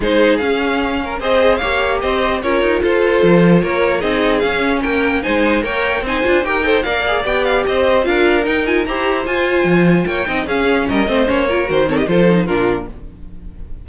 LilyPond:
<<
  \new Staff \with { instrumentName = "violin" } { \time 4/4 \tempo 4 = 149 c''4 f''2 dis''4 | f''4 dis''4 cis''4 c''4~ | c''4 cis''4 dis''4 f''4 | g''4 gis''4 g''4 gis''4 |
g''4 f''4 g''8 f''8 dis''4 | f''4 g''8 gis''8 ais''4 gis''4~ | gis''4 g''4 f''4 dis''4 | cis''4 c''8 cis''16 dis''16 c''4 ais'4 | }
  \new Staff \with { instrumentName = "violin" } { \time 4/4 gis'2~ gis'8 ais'8 c''4 | cis''4 c''4 ais'4 a'4~ | a'4 ais'4 gis'2 | ais'4 c''4 cis''4 c''4 |
ais'8 c''8 d''2 c''4 | ais'2 c''2~ | c''4 cis''8 dis''8 gis'4 ais'8 c''8~ | c''8 ais'4 a'16 g'16 a'4 f'4 | }
  \new Staff \with { instrumentName = "viola" } { \time 4/4 dis'4 cis'2 gis'4 | g'2 f'2~ | f'2 dis'4 cis'4~ | cis'4 dis'4 ais'4 dis'8 f'8 |
g'8 a'8 ais'8 gis'8 g'2 | f'4 dis'8 f'8 g'4 f'4~ | f'4. dis'8 cis'4. c'8 | cis'8 f'8 fis'8 c'8 f'8 dis'8 d'4 | }
  \new Staff \with { instrumentName = "cello" } { \time 4/4 gis4 cis'2 c'4 | ais4 c'4 cis'8 dis'8 f'4 | f4 ais4 c'4 cis'4 | ais4 gis4 ais4 c'8 d'8 |
dis'4 ais4 b4 c'4 | d'4 dis'4 e'4 f'4 | f4 ais8 c'8 cis'4 g8 a8 | ais4 dis4 f4 ais,4 | }
>>